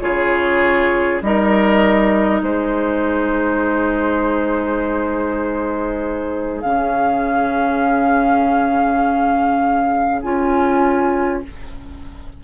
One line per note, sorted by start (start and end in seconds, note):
0.00 1.21 C#3
0.00 1.20 F4
0.00 1.22 G#4
0.00 1.20 C#5
1.21 2.41 G3
1.21 6.62 D#4
1.21 2.42 A#4
1.21 2.42 D#5
2.42 6.62 G#3
2.42 11.42 G#4
2.42 6.61 C5
6.61 10.23 C#3
6.61 10.23 C#4
6.61 10.21 F5
10.22 11.43 C#4
10.22 11.43 F4
10.22 11.42 G#5